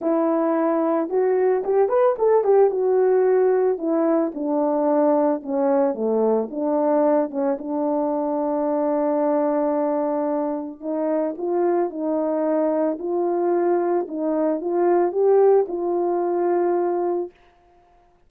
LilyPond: \new Staff \with { instrumentName = "horn" } { \time 4/4 \tempo 4 = 111 e'2 fis'4 g'8 b'8 | a'8 g'8 fis'2 e'4 | d'2 cis'4 a4 | d'4. cis'8 d'2~ |
d'1 | dis'4 f'4 dis'2 | f'2 dis'4 f'4 | g'4 f'2. | }